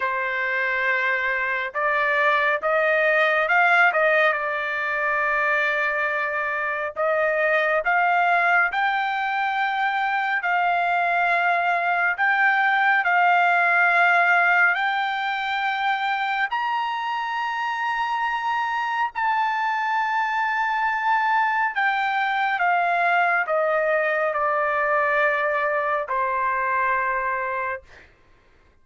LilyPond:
\new Staff \with { instrumentName = "trumpet" } { \time 4/4 \tempo 4 = 69 c''2 d''4 dis''4 | f''8 dis''8 d''2. | dis''4 f''4 g''2 | f''2 g''4 f''4~ |
f''4 g''2 ais''4~ | ais''2 a''2~ | a''4 g''4 f''4 dis''4 | d''2 c''2 | }